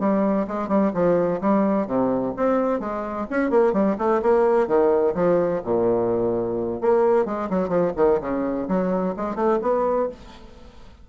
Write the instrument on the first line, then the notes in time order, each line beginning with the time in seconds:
bassoon
0.00 G3
0.48 G#3
0.69 G3
0.94 F3
1.41 G3
1.87 C3
2.37 C4
2.80 G#3
3.31 C#4
3.50 A#3
3.73 G3
3.98 A3
4.23 A#3
4.68 D#3
5.15 F3
5.65 A#2
6.81 A#3
7.26 G#3
7.50 F#3
7.69 F3
7.97 D#3
8.21 C#3
8.68 F#3
9.17 G#3
9.36 A3
9.62 B3